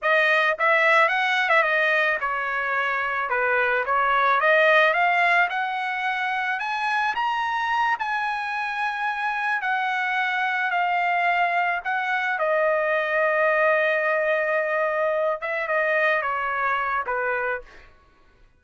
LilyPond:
\new Staff \with { instrumentName = "trumpet" } { \time 4/4 \tempo 4 = 109 dis''4 e''4 fis''8. e''16 dis''4 | cis''2 b'4 cis''4 | dis''4 f''4 fis''2 | gis''4 ais''4. gis''4.~ |
gis''4. fis''2 f''8~ | f''4. fis''4 dis''4.~ | dis''1 | e''8 dis''4 cis''4. b'4 | }